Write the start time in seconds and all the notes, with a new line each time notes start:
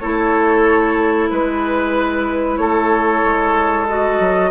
0.00 A3 E4 A4 C#5
1.29 G#3 B4
2.57 A3 A4 C#5
3.24 G#3
3.88 F#4 D#5
4.20 F#3